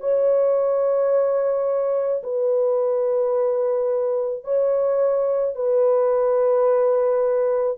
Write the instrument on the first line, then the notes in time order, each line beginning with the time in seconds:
horn
0.00 C#5
2.23 B4
4.44 C#5
5.55 B4